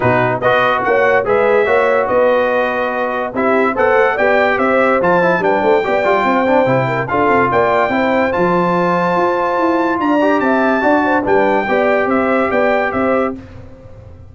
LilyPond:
<<
  \new Staff \with { instrumentName = "trumpet" } { \time 4/4 \tempo 4 = 144 b'4 dis''4 fis''4 e''4~ | e''4 dis''2. | e''4 fis''4 g''4 e''4 | a''4 g''2.~ |
g''4 f''4 g''2 | a''1 | ais''4 a''2 g''4~ | g''4 e''4 g''4 e''4 | }
  \new Staff \with { instrumentName = "horn" } { \time 4/4 fis'4 b'4 cis''4 b'4 | cis''4 b'2. | g'4 c''4 d''4 c''4~ | c''4 b'8 c''8 d''4 c''4~ |
c''8 ais'8 a'4 d''4 c''4~ | c''1 | d''4 e''4 d''8 c''8 b'4 | d''4 c''4 d''4 c''4 | }
  \new Staff \with { instrumentName = "trombone" } { \time 4/4 dis'4 fis'2 gis'4 | fis'1 | e'4 a'4 g'2 | f'8 e'8 d'4 g'8 f'4 d'8 |
e'4 f'2 e'4 | f'1~ | f'8 g'4. fis'4 d'4 | g'1 | }
  \new Staff \with { instrumentName = "tuba" } { \time 4/4 b,4 b4 ais4 gis4 | ais4 b2. | c'4 b8 a8 b4 c'4 | f4 g8 a8 b8 g8 c'4 |
c4 d'8 c'8 ais4 c'4 | f2 f'4 e'4 | d'4 c'4 d'4 g4 | b4 c'4 b4 c'4 | }
>>